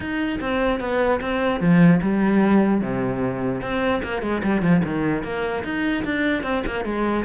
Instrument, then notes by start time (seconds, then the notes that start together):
cello
0.00 D#4
0.40 C4
0.80 B3
1.20 C4
1.60 F3
2.02 G3
2.81 C3
3.61 C4
4.03 A#3
4.22 G#3
4.43 G3
4.61 F3
4.84 D#3
5.23 A#3
5.63 D#4
6.04 D4
6.43 C4
6.66 A#3
6.84 G#3